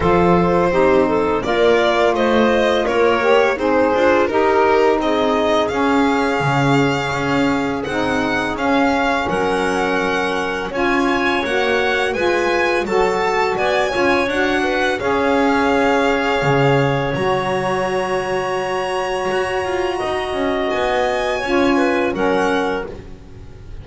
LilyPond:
<<
  \new Staff \with { instrumentName = "violin" } { \time 4/4 \tempo 4 = 84 c''2 d''4 dis''4 | cis''4 c''4 ais'4 dis''4 | f''2. fis''4 | f''4 fis''2 gis''4 |
fis''4 gis''4 a''4 gis''4 | fis''4 f''2. | ais''1~ | ais''4 gis''2 fis''4 | }
  \new Staff \with { instrumentName = "clarinet" } { \time 4/4 a'4 g'8 a'8 ais'4 c''4 | ais'4 dis'8 f'8 g'4 gis'4~ | gis'1~ | gis'4 ais'2 cis''4~ |
cis''4 b'4 a'4 d''8 cis''8~ | cis''8 b'8 cis''2.~ | cis''1 | dis''2 cis''8 b'8 ais'4 | }
  \new Staff \with { instrumentName = "saxophone" } { \time 4/4 f'4 dis'4 f'2~ | f'8 g'8 gis'4 dis'2 | cis'2. dis'4 | cis'2. f'4 |
fis'4 f'4 fis'4. f'8 | fis'4 gis'2. | fis'1~ | fis'2 f'4 cis'4 | }
  \new Staff \with { instrumentName = "double bass" } { \time 4/4 f4 c'4 ais4 a4 | ais4 c'8 d'8 dis'4 c'4 | cis'4 cis4 cis'4 c'4 | cis'4 fis2 cis'4 |
ais4 gis4 fis4 b8 cis'8 | d'4 cis'2 cis4 | fis2. fis'8 f'8 | dis'8 cis'8 b4 cis'4 fis4 | }
>>